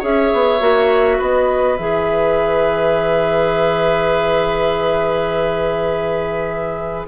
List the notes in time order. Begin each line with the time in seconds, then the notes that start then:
0.00 C#4 G#4 C#5 E5
0.34 B3
0.60 A#3 F#4
1.18 B3 B4 D#5
1.77 E3 G#4 E5